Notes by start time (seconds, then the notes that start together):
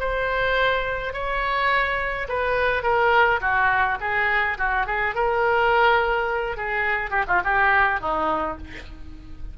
0.00 C5
1.14 C#5
2.29 B4
2.83 A#4
3.41 F#4
4.01 G#4
4.58 F#4
4.86 G#4
5.15 A#4
6.57 G#4
7.10 G4
7.28 F4
7.44 G4
8.01 D#4